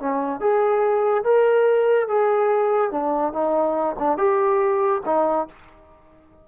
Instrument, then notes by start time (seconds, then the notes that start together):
trombone
0.00 C#4
0.41 G#4
1.24 A#4
2.08 G#4
2.92 D4
3.33 D#4
3.99 D4
4.18 G4
5.06 D#4